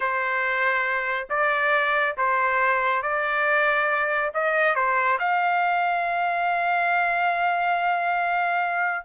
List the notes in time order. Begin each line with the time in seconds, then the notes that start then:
0.00 C5
1.29 D5
2.17 C5
3.02 D5
4.33 D#5
4.75 C5
5.19 F5